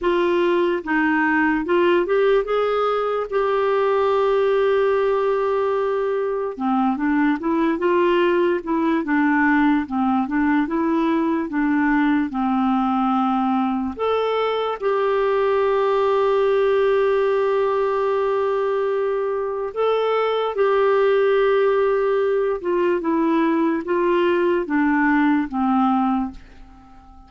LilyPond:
\new Staff \with { instrumentName = "clarinet" } { \time 4/4 \tempo 4 = 73 f'4 dis'4 f'8 g'8 gis'4 | g'1 | c'8 d'8 e'8 f'4 e'8 d'4 | c'8 d'8 e'4 d'4 c'4~ |
c'4 a'4 g'2~ | g'1 | a'4 g'2~ g'8 f'8 | e'4 f'4 d'4 c'4 | }